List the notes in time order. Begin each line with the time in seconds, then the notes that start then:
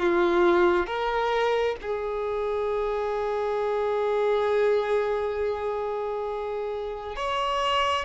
0.00 F4
0.87 A#4
1.82 G#4
7.16 C#5